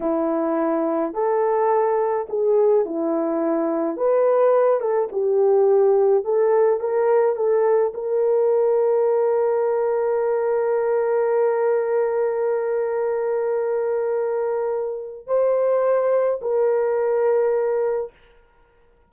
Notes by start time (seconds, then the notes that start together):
0.00 E4
1.13 A4
2.29 G#4
2.85 E4
3.96 B4
4.80 A4
5.11 G4
6.24 A4
6.80 A#4
7.36 A4
7.94 A#4
15.26 C5
16.42 A#4